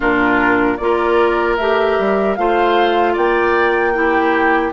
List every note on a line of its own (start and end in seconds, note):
0.00 0.79 A#2
0.00 0.78 D4
0.00 0.76 F4
0.00 0.77 A#4
0.77 1.58 A#3
0.77 1.58 F4
0.77 1.56 D5
0.83 2.39 A#4
1.56 1.98 A3
1.56 2.37 G4
1.56 2.35 E5
1.98 2.37 G3
2.35 3.16 A3
2.35 3.93 F4
2.35 3.13 C5
2.35 3.14 F5
3.13 4.72 A#3
3.13 3.92 D5
3.13 4.72 G5
3.93 4.72 E4
3.93 4.72 G4